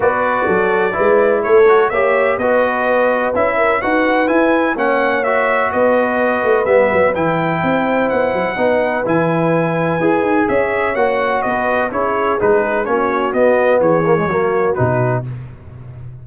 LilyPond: <<
  \new Staff \with { instrumentName = "trumpet" } { \time 4/4 \tempo 4 = 126 d''2. cis''4 | e''4 dis''2 e''4 | fis''4 gis''4 fis''4 e''4 | dis''2 e''4 g''4~ |
g''4 fis''2 gis''4~ | gis''2 e''4 fis''4 | dis''4 cis''4 b'4 cis''4 | dis''4 cis''2 b'4 | }
  \new Staff \with { instrumentName = "horn" } { \time 4/4 b'4 a'4 b'4 a'4 | cis''4 b'2~ b'8 ais'8 | b'2 cis''2 | b'1 |
c''2 b'2~ | b'2 cis''2 | b'4 gis'2 fis'4~ | fis'4 gis'4 fis'2 | }
  \new Staff \with { instrumentName = "trombone" } { \time 4/4 fis'2 e'4. fis'8 | g'4 fis'2 e'4 | fis'4 e'4 cis'4 fis'4~ | fis'2 b4 e'4~ |
e'2 dis'4 e'4~ | e'4 gis'2 fis'4~ | fis'4 e'4 dis'4 cis'4 | b4. ais16 gis16 ais4 dis'4 | }
  \new Staff \with { instrumentName = "tuba" } { \time 4/4 b4 fis4 gis4 a4 | ais4 b2 cis'4 | dis'4 e'4 ais2 | b4. a8 g8 fis8 e4 |
c'4 b8 fis8 b4 e4~ | e4 e'8 dis'8 cis'4 ais4 | b4 cis'4 gis4 ais4 | b4 e4 fis4 b,4 | }
>>